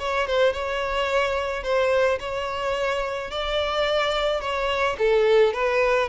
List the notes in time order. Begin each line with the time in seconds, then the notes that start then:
0.00 C#5
0.28 C5
0.53 C#5
1.64 C5
2.20 C#5
3.31 D5
4.41 C#5
4.99 A4
5.54 B4